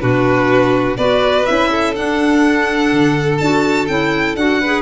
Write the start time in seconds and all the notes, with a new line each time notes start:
0.00 B2 D4 F#4 B4
0.97 B3 F#4 B4 D5
1.45 C#4 E4 E5
1.71 A4
1.95 D4 F#5
2.92 D3
3.37 D4 F#4 A5
3.88 C#4 E4 G5
4.36 D4 F#4 F#5
4.60 G#4 B4